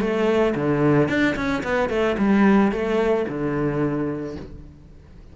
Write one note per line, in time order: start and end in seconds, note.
0.00 0.54 A3
0.55 1.09 D3
1.09 1.36 D4
1.36 1.63 C#4
1.63 1.89 B3
1.89 2.16 A3
2.18 2.72 G3
2.72 3.26 A3
3.28 4.36 D3